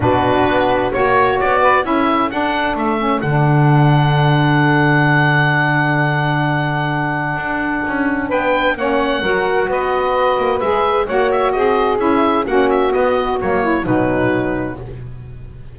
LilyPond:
<<
  \new Staff \with { instrumentName = "oboe" } { \time 4/4 \tempo 4 = 130 b'2 cis''4 d''4 | e''4 fis''4 e''4 fis''4~ | fis''1~ | fis''1~ |
fis''2 g''4 fis''4~ | fis''4 dis''2 e''4 | fis''8 e''8 dis''4 e''4 fis''8 e''8 | dis''4 cis''4 b'2 | }
  \new Staff \with { instrumentName = "saxophone" } { \time 4/4 fis'2 cis''4. b'8 | a'1~ | a'1~ | a'1~ |
a'2 b'4 cis''4 | ais'4 b'2. | cis''4 gis'2 fis'4~ | fis'4. e'8 dis'2 | }
  \new Staff \with { instrumentName = "saxophone" } { \time 4/4 d'2 fis'2 | e'4 d'4. cis'8 d'4~ | d'1~ | d'1~ |
d'2. cis'4 | fis'2. gis'4 | fis'2 e'4 cis'4 | b4 ais4 fis2 | }
  \new Staff \with { instrumentName = "double bass" } { \time 4/4 b,4 b4 ais4 b4 | cis'4 d'4 a4 d4~ | d1~ | d1 |
d'4 cis'4 b4 ais4 | fis4 b4. ais8 gis4 | ais4 c'4 cis'4 ais4 | b4 fis4 b,2 | }
>>